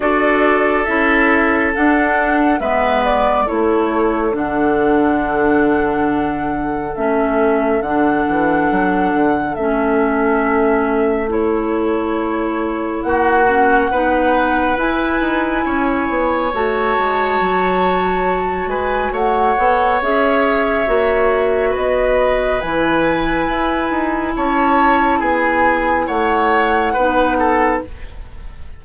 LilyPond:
<<
  \new Staff \with { instrumentName = "flute" } { \time 4/4 \tempo 4 = 69 d''4 e''4 fis''4 e''8 d''8 | cis''4 fis''2. | e''4 fis''2 e''4~ | e''4 cis''2 fis''4~ |
fis''4 gis''2 a''4~ | a''4. gis''8 fis''4 e''4~ | e''4 dis''4 gis''2 | a''4 gis''4 fis''2 | }
  \new Staff \with { instrumentName = "oboe" } { \time 4/4 a'2. b'4 | a'1~ | a'1~ | a'2. fis'4 |
b'2 cis''2~ | cis''4. b'8 cis''2~ | cis''4 b'2. | cis''4 gis'4 cis''4 b'8 a'8 | }
  \new Staff \with { instrumentName = "clarinet" } { \time 4/4 fis'4 e'4 d'4 b4 | e'4 d'2. | cis'4 d'2 cis'4~ | cis'4 e'2~ e'8 cis'8 |
dis'4 e'2 fis'4~ | fis'2~ fis'8 a'8 gis'4 | fis'2 e'2~ | e'2. dis'4 | }
  \new Staff \with { instrumentName = "bassoon" } { \time 4/4 d'4 cis'4 d'4 gis4 | a4 d2. | a4 d8 e8 fis8 d8 a4~ | a2. ais4 |
b4 e'8 dis'8 cis'8 b8 a8 gis8 | fis4. gis8 a8 b8 cis'4 | ais4 b4 e4 e'8 dis'8 | cis'4 b4 a4 b4 | }
>>